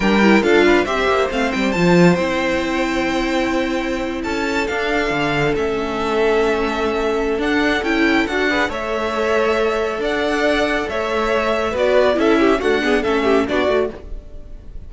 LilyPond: <<
  \new Staff \with { instrumentName = "violin" } { \time 4/4 \tempo 4 = 138 g''4 f''4 e''4 f''8 g''8 | a''4 g''2.~ | g''4.~ g''16 a''4 f''4~ f''16~ | f''8. e''2.~ e''16~ |
e''4 fis''4 g''4 fis''4 | e''2. fis''4~ | fis''4 e''2 d''4 | e''4 fis''4 e''4 d''4 | }
  \new Staff \with { instrumentName = "violin" } { \time 4/4 ais'4 a'8 b'8 c''2~ | c''1~ | c''4.~ c''16 a'2~ a'16~ | a'1~ |
a'2.~ a'8 b'8 | cis''2. d''4~ | d''4 cis''2 b'4 | a'8 g'8 fis'8 gis'8 a'8 g'8 fis'4 | }
  \new Staff \with { instrumentName = "viola" } { \time 4/4 d'8 e'8 f'4 g'4 c'4 | f'4 e'2.~ | e'2~ e'8. d'4~ d'16~ | d'8. cis'2.~ cis'16~ |
cis'4 d'4 e'4 fis'8 gis'8 | a'1~ | a'2. fis'4 | e'4 a8 b8 cis'4 d'8 fis'8 | }
  \new Staff \with { instrumentName = "cello" } { \time 4/4 g4 d'4 c'8 ais8 a8 g8 | f4 c'2.~ | c'4.~ c'16 cis'4 d'4 d16~ | d8. a2.~ a16~ |
a4 d'4 cis'4 d'4 | a2. d'4~ | d'4 a2 b4 | cis'4 d'4 a4 b8 a8 | }
>>